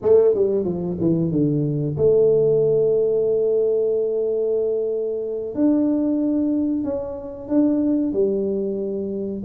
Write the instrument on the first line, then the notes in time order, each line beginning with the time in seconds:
tuba
0.01 A3
0.34 G3
0.64 F3
1.00 E3
1.31 D3
1.97 A3
5.54 D4
6.83 C#4
7.48 D4
8.13 G3